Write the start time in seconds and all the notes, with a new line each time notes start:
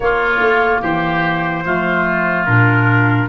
0.00 A#3 F4 C#5
0.39 A3
0.81 E3 G4 C5
1.65 F3 A3 F4
2.45 A#2 D4 A#4